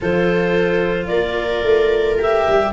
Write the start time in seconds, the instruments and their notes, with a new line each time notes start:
0.01 tuba F3, cello F4, viola A4, clarinet C5
1.07 tuba A#3, viola A#4, clarinet D5
1.63 tuba A3
2.18 cello G4, clarinet E5
2.47 tuba G3